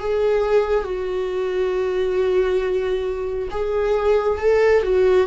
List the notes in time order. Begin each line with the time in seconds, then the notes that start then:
0.00 G#4
0.85 F#4
3.51 G#4
4.39 A4
4.83 F#4